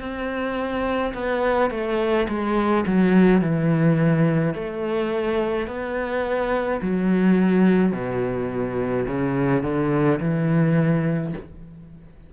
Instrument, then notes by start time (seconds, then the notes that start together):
cello
0.00 C4
1.14 B3
1.71 A3
2.28 G#3
2.87 F#3
3.41 E3
4.54 A3
5.67 B3
6.82 F#3
7.92 B2
9.07 C#3
9.63 D3
10.20 E3